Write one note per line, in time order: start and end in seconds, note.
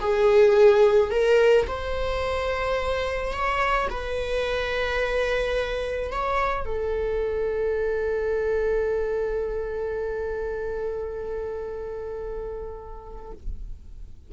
0.00 1.11 G#4
1.11 1.66 A#4
1.68 3.33 C5
3.33 3.88 C#5
3.90 6.12 B4
6.12 6.66 C#5
6.66 13.32 A4